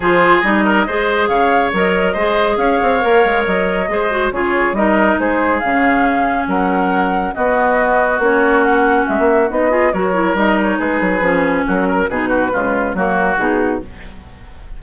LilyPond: <<
  \new Staff \with { instrumentName = "flute" } { \time 4/4 \tempo 4 = 139 c''4 dis''2 f''4 | dis''2 f''2 | dis''2 cis''4 dis''4 | c''4 f''2 fis''4~ |
fis''4 dis''2 cis''4 | fis''4 e''4 dis''4 cis''4 | dis''8 cis''8 b'2 ais'4 | b'2 ais'4 gis'4 | }
  \new Staff \with { instrumentName = "oboe" } { \time 4/4 gis'4. ais'8 c''4 cis''4~ | cis''4 c''4 cis''2~ | cis''4 c''4 gis'4 ais'4 | gis'2. ais'4~ |
ais'4 fis'2.~ | fis'2~ fis'8 gis'8 ais'4~ | ais'4 gis'2 fis'8 ais'8 | gis'8 fis'8 f'4 fis'2 | }
  \new Staff \with { instrumentName = "clarinet" } { \time 4/4 f'4 dis'4 gis'2 | ais'4 gis'2 ais'4~ | ais'4 gis'8 fis'8 f'4 dis'4~ | dis'4 cis'2.~ |
cis'4 b2 cis'4~ | cis'2 dis'8 f'8 fis'8 e'8 | dis'2 cis'2 | dis'4 gis4 ais4 dis'4 | }
  \new Staff \with { instrumentName = "bassoon" } { \time 4/4 f4 g4 gis4 cis4 | fis4 gis4 cis'8 c'8 ais8 gis8 | fis4 gis4 cis4 g4 | gis4 cis2 fis4~ |
fis4 b2 ais4~ | ais4 gis16 ais8. b4 fis4 | g4 gis8 fis8 f4 fis4 | b,4 cis4 fis4 b,4 | }
>>